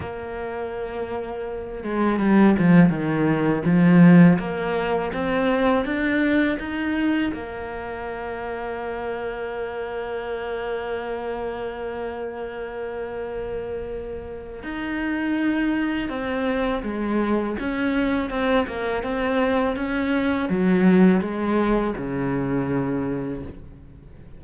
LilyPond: \new Staff \with { instrumentName = "cello" } { \time 4/4 \tempo 4 = 82 ais2~ ais8 gis8 g8 f8 | dis4 f4 ais4 c'4 | d'4 dis'4 ais2~ | ais1~ |
ais1 | dis'2 c'4 gis4 | cis'4 c'8 ais8 c'4 cis'4 | fis4 gis4 cis2 | }